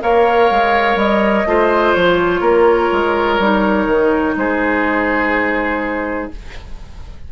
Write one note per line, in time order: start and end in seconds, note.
0.00 0.50 A#3
0.00 1.45 A#4
0.00 1.48 C#5
0.00 0.98 F5
0.50 0.95 G#3
0.95 1.43 G3
0.95 1.94 D#5
1.45 1.93 A3
1.45 3.40 F4
1.45 2.40 C5
1.94 2.40 F3
1.94 4.35 C#5
2.40 2.89 A#3
2.40 4.34 A#4
2.92 3.39 G#3
3.39 3.86 G3
3.39 6.31 D#4
3.86 4.34 D#3
4.36 6.29 G#3
4.36 6.32 G#4
4.36 6.30 C5